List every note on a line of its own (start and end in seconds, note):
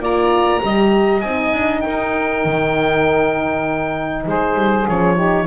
0.00 0.61 A#3
0.00 0.61 F4
0.00 0.61 D5
0.00 1.21 A#5
0.61 1.23 G3
0.61 1.22 G4
0.61 1.85 D#5
1.21 1.54 C4
1.21 4.87 D#4
1.21 1.81 G#5
1.54 1.84 D4
1.81 2.45 D#4
1.81 4.26 A#4
1.81 4.24 G5
2.45 4.26 D#3
4.26 4.55 G#3
4.26 5.15 G#4
4.26 4.89 C5
4.55 4.86 G3
4.87 5.47 F3
4.87 5.17 C#4
4.87 5.47 C#5
5.15 5.47 D#4
5.15 5.45 G4